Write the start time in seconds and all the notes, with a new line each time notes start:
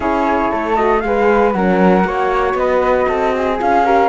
0.00 C#4 E4 G#4 C#5
0.50 A3 A4
0.76 F#4 D#5
1.00 G#3 G#4 F5
1.06 B4
1.52 F#3 C#4 A#4 F#5
2.04 A#3 F#4 C#5
2.54 B3 B4 D#5
3.07 C4 A4
3.34 G#4
3.59 C#4 F4 F5
3.85 G4 A#4